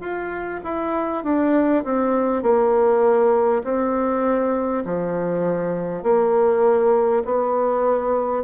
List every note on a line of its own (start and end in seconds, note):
0.00 0.60 F4
0.64 1.23 E4
1.23 1.83 D4
1.84 2.43 C4
2.43 3.63 A#3
3.64 4.84 C4
4.85 6.03 F3
6.03 7.23 A#3
7.25 8.43 B3